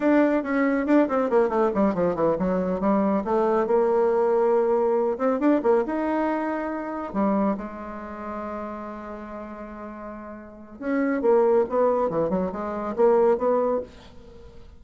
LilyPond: \new Staff \with { instrumentName = "bassoon" } { \time 4/4 \tempo 4 = 139 d'4 cis'4 d'8 c'8 ais8 a8 | g8 f8 e8 fis4 g4 a8~ | a8 ais2.~ ais8 | c'8 d'8 ais8 dis'2~ dis'8~ |
dis'8 g4 gis2~ gis8~ | gis1~ | gis4 cis'4 ais4 b4 | e8 fis8 gis4 ais4 b4 | }